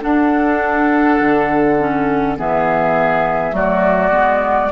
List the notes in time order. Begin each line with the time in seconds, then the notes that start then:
0.00 D4 A4 F#5
1.20 D3
1.79 C#4
2.37 E3 B3 G#4 E5
3.51 F#3 A3 F#4 D5
4.11 G#3 B3